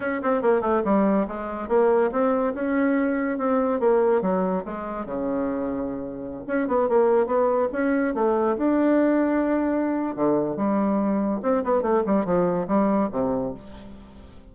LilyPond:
\new Staff \with { instrumentName = "bassoon" } { \time 4/4 \tempo 4 = 142 cis'8 c'8 ais8 a8 g4 gis4 | ais4 c'4 cis'2 | c'4 ais4 fis4 gis4 | cis2.~ cis16 cis'8 b16~ |
b16 ais4 b4 cis'4 a8.~ | a16 d'2.~ d'8. | d4 g2 c'8 b8 | a8 g8 f4 g4 c4 | }